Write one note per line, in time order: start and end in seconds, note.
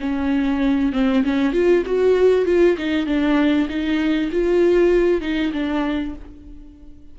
0.00 0.93 C#4
0.93 1.23 C4
1.24 1.53 C#4
1.53 1.84 F4
1.86 2.46 F#4
2.46 2.77 F4
2.78 3.06 D#4
3.06 3.68 D4
3.69 4.31 D#4
4.32 5.21 F4
5.21 5.52 D#4
5.53 6.15 D4